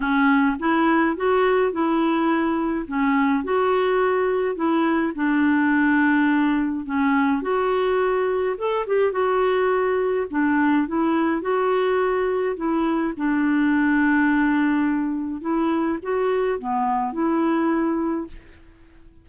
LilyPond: \new Staff \with { instrumentName = "clarinet" } { \time 4/4 \tempo 4 = 105 cis'4 e'4 fis'4 e'4~ | e'4 cis'4 fis'2 | e'4 d'2. | cis'4 fis'2 a'8 g'8 |
fis'2 d'4 e'4 | fis'2 e'4 d'4~ | d'2. e'4 | fis'4 b4 e'2 | }